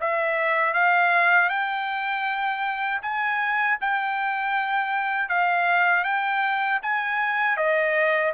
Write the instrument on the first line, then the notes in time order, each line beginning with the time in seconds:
trumpet
0.00 E5
0.73 F5
1.49 G5
3.02 G#5
3.80 G5
5.29 F5
6.03 G5
6.82 G#5
7.56 D#5